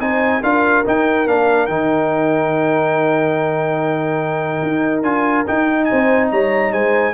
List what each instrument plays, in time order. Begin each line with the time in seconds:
0.00 tuba C4, trombone D#4, horn C5, trumpet G#5
0.43 tuba D4, trombone F4, horn A#4, trumpet F5
0.86 trombone D#4, tuba D#4, trumpet G5
1.27 tuba A#3, trombone D4, trumpet F5
1.67 tuba D#3, trombone D#4, trumpet G5
4.63 tuba D#4
5.03 tuba D4, trombone F4, trumpet G#5
5.47 trombone D#4, tuba D#4, trumpet G5
5.85 horn C5, trumpet G#5
5.93 tuba C4
6.31 tuba G3, horn C#5, trumpet A#5
6.73 tuba G#3, horn C5, trumpet G#5